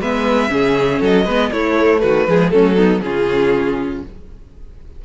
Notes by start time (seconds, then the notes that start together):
0.00 G#3 B3 B4 E5
0.49 C#3 C#4 G#4
1.00 F#3 A4 D#5
1.25 G#3 B3 B4
1.51 A3 E4 C#5
2.00 D#3 F#4 B4
2.28 F3 G#3 G#4
2.51 F#3 A3 C#4 A4
2.76 B3 D#4
3.01 C#3 C#4 F4 G#4